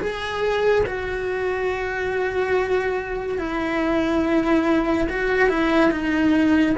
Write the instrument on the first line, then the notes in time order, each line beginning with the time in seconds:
cello
0.00 G#4
0.86 F#4
3.38 E4
5.09 F#4
5.49 E4
5.91 D#4